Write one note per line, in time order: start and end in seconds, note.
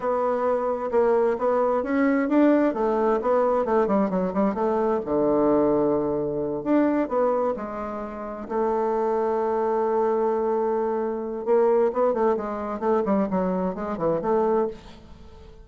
0.00 0.90 B3
0.91 1.37 A#3
1.38 1.83 B3
1.83 2.28 C#4
2.28 2.74 D4
2.74 3.19 A3
3.21 3.65 B3
3.65 3.87 A3
3.87 4.10 G3
4.10 4.33 F#3
4.33 4.54 G3
4.54 5.00 A3
5.05 6.63 D3
6.63 7.08 D4
7.08 7.54 B3
7.56 8.48 G#3
8.48 11.45 A3
11.45 11.91 A#3
11.92 12.13 B3
12.13 12.36 A3
12.36 12.79 G#3
12.79 13.02 A3
13.05 13.28 G3
13.30 13.74 F#3
13.74 13.97 G#3
13.97 14.20 E3
14.21 14.67 A3